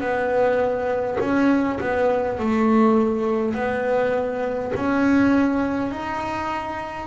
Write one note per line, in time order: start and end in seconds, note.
0.00 1.18 B3
1.20 1.79 C#4
1.80 2.39 B3
2.39 3.55 A3
3.55 4.72 B3
4.75 5.91 C#4
5.91 7.07 D#4